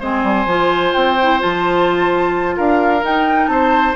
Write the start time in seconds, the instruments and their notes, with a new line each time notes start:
0.00 bassoon G#3, clarinet C4, oboe C5, flute G#5
0.23 bassoon G3
0.46 bassoon F3, clarinet F4
0.94 bassoon C4, flute G5
1.22 clarinet E4
1.40 bassoon F3, clarinet F4, flute A5
2.57 bassoon D4, oboe A#4, flute F5
3.02 clarinet D#4, bassoon D#4, flute G5
3.48 bassoon C4, oboe C5, flute A5